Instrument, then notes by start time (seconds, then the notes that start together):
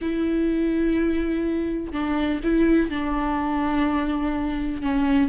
viola
0.01 E4
1.92 D4
2.43 E4
2.90 D4
4.81 C#4